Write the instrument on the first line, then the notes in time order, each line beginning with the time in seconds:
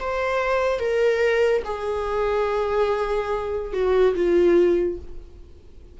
viola
0.00 C5
0.79 A#4
1.65 G#4
3.73 F#4
4.15 F4